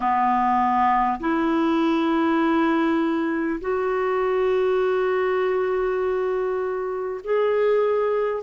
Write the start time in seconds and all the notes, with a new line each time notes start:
0.00 B3
1.19 E4
3.60 F#4
7.23 G#4